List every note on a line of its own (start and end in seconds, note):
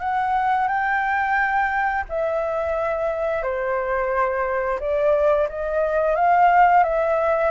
0.00 0.68 F#5
0.68 2.05 G5
2.10 3.43 E5
3.43 4.79 C5
4.80 5.48 D5
5.49 6.16 D#5
6.16 6.84 F5
6.84 7.51 E5